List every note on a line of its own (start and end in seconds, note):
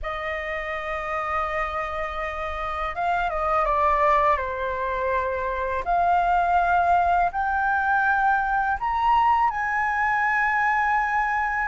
0.02 2.95 D#5
2.95 3.30 F5
3.30 3.65 D#5
3.65 4.37 D5
4.37 5.83 C5
5.84 7.31 F5
7.31 8.78 G5
8.79 9.50 A#5
9.50 11.67 G#5